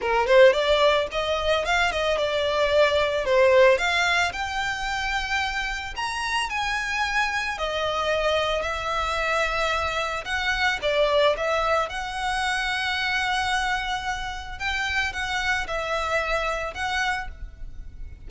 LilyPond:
\new Staff \with { instrumentName = "violin" } { \time 4/4 \tempo 4 = 111 ais'8 c''8 d''4 dis''4 f''8 dis''8 | d''2 c''4 f''4 | g''2. ais''4 | gis''2 dis''2 |
e''2. fis''4 | d''4 e''4 fis''2~ | fis''2. g''4 | fis''4 e''2 fis''4 | }